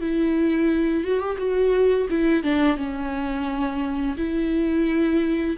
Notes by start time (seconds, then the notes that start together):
0.00 E4
1.04 F#4
1.19 G4
1.38 F#4
2.09 E4
2.43 D4
2.76 C#4
4.17 E4